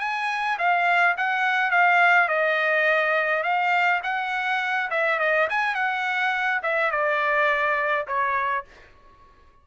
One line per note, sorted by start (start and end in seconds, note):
0.00 0.58 G#5
0.59 1.16 F5
1.18 1.71 F#5
1.71 2.29 F5
2.29 3.44 D#5
3.44 4.01 F5
4.04 4.90 F#5
4.91 5.19 E5
5.19 5.48 D#5
5.50 5.75 G#5
5.75 6.62 F#5
6.63 6.92 E5
6.92 8.07 D5
8.07 8.65 C#5